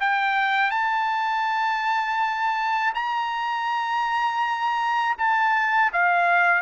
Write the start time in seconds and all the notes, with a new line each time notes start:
0.00 G5
0.71 A5
2.94 A#5
5.18 A5
5.93 F5